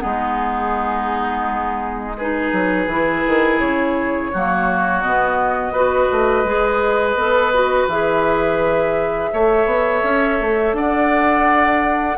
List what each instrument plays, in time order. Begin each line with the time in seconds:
0.00 bassoon G#3, clarinet B3, oboe D#4, flute G#4
2.18 clarinet D#4, oboe G#4, flute B4
2.53 bassoon F#3
2.87 bassoon E3, clarinet E4
3.27 bassoon D#3
3.60 bassoon C#3, flute C#5
4.33 bassoon F#3, clarinet A#3, oboe F#4
5.02 bassoon B2, clarinet B3, flute D#5
5.72 bassoon B3, clarinet F#4, oboe B4
6.12 bassoon A3
6.44 bassoon G#3, clarinet G#4
7.15 bassoon B3, clarinet A4
7.54 clarinet F#4
7.88 bassoon E3, clarinet G#4, flute E5
9.33 bassoon A3, clarinet A4, oboe C#5
9.66 bassoon B3
10.04 bassoon C#4
10.40 bassoon A3
10.73 bassoon D4, oboe D5, flute F#5